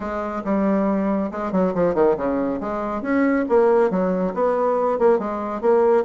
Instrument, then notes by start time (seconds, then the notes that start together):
bassoon
0.00 G#3
0.44 G3
1.31 G#3
1.51 F#3
1.74 F3
1.94 D#3
2.16 C#3
2.60 G#3
3.02 C#4
3.48 A#3
3.90 F#3
4.34 B3
4.98 A#3
5.18 G#3
5.61 A#3